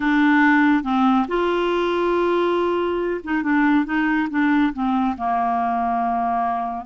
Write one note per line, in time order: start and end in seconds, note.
0.00 0.83 D4
0.83 1.26 C4
1.28 3.21 F4
3.24 3.42 D#4
3.42 3.85 D4
3.85 4.28 D#4
4.30 4.73 D4
4.73 5.16 C4
5.17 6.85 A#3